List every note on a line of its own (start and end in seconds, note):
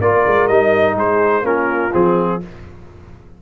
0.00 0.24 A#3
0.00 0.49 F4
0.00 0.94 A#4
0.00 0.47 D5
0.26 0.48 G#3
0.47 0.95 G3
0.47 1.43 D#4
0.47 0.95 D#5
0.94 1.42 G#3
0.94 1.42 G#4
0.94 1.46 C5
1.42 1.90 A#3
1.42 1.90 C#4
1.42 2.40 F4
1.42 1.93 A#4
1.92 2.41 F3
1.92 2.40 C4
1.92 2.41 G#4